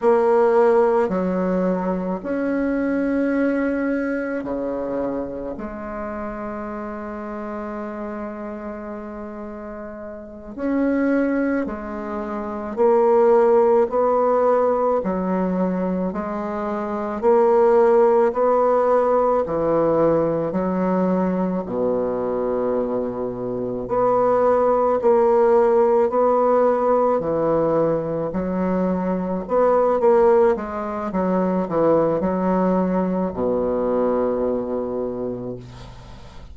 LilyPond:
\new Staff \with { instrumentName = "bassoon" } { \time 4/4 \tempo 4 = 54 ais4 fis4 cis'2 | cis4 gis2.~ | gis4. cis'4 gis4 ais8~ | ais8 b4 fis4 gis4 ais8~ |
ais8 b4 e4 fis4 b,8~ | b,4. b4 ais4 b8~ | b8 e4 fis4 b8 ais8 gis8 | fis8 e8 fis4 b,2 | }